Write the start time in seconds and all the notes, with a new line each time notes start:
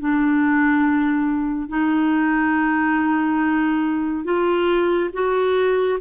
0.00 D4
1.69 D#4
4.25 F4
5.14 F#4